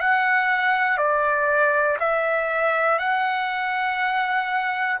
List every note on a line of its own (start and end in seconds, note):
0.00 0.97 F#5
0.97 1.97 D5
1.99 2.98 E5
2.98 4.98 F#5